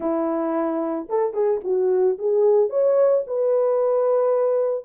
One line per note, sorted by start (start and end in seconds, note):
0.00 1.07 E4
1.09 1.33 A4
1.33 1.60 G#4
1.63 2.17 F#4
2.18 2.69 G#4
2.69 3.23 C#5
3.26 4.84 B4